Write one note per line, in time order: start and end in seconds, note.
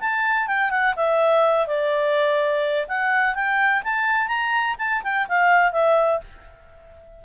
0.00 0.47 A5
0.47 0.71 G5
0.71 0.95 F#5
0.96 1.67 E5
1.67 2.87 D5
2.88 3.35 F#5
3.35 3.83 G5
3.84 4.28 A5
4.28 4.76 A#5
4.78 5.02 A5
5.03 5.27 G5
5.28 5.72 F5
5.72 6.20 E5